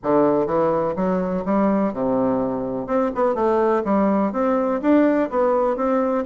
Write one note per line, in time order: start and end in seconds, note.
0.03 0.46 D3
0.46 0.94 E3
0.96 1.44 F#3
1.45 1.93 G3
1.93 2.86 C3
2.86 3.10 C4
3.14 3.34 B3
3.34 3.82 A3
3.84 4.32 G3
4.32 4.80 C4
4.81 5.29 D4
5.30 5.76 B3
5.76 6.24 C4